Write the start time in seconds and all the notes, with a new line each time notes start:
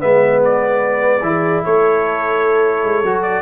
0.00 G#3 B3 B4 E5
0.45 D5
1.22 E3 E4 G#4
1.65 A3 A4 C#5
2.85 G#3
3.03 F#3 F#4
3.23 D5